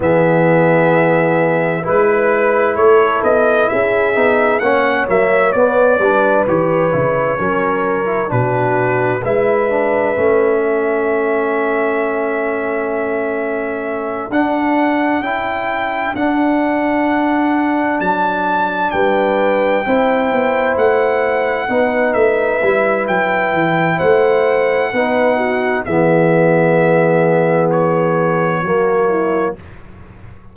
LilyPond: <<
  \new Staff \with { instrumentName = "trumpet" } { \time 4/4 \tempo 4 = 65 e''2 b'4 cis''8 dis''8 | e''4 fis''8 e''8 d''4 cis''4~ | cis''4 b'4 e''2~ | e''2.~ e''8 fis''8~ |
fis''8 g''4 fis''2 a''8~ | a''8 g''2 fis''4. | e''4 g''4 fis''2 | e''2 cis''2 | }
  \new Staff \with { instrumentName = "horn" } { \time 4/4 gis'2 b'4 a'4 | gis'4 cis''4. b'4. | ais'4 fis'4 b'4. a'8~ | a'1~ |
a'1~ | a'8 b'4 c''2 b'8~ | b'2 c''4 b'8 fis'8 | gis'2. fis'8 e'8 | }
  \new Staff \with { instrumentName = "trombone" } { \time 4/4 b2 e'2~ | e'8 dis'8 cis'8 ais8 b8 d'8 g'8 e'8 | cis'8. e'16 d'4 e'8 d'8 cis'4~ | cis'2.~ cis'8 d'8~ |
d'8 e'4 d'2~ d'8~ | d'4. e'2 dis'8~ | dis'8 e'2~ e'8 dis'4 | b2. ais4 | }
  \new Staff \with { instrumentName = "tuba" } { \time 4/4 e2 gis4 a8 b8 | cis'8 b8 ais8 fis8 b8 g8 e8 cis8 | fis4 b,4 gis4 a4~ | a2.~ a8 d'8~ |
d'8 cis'4 d'2 fis8~ | fis8 g4 c'8 b8 a4 b8 | a8 g8 fis8 e8 a4 b4 | e2. fis4 | }
>>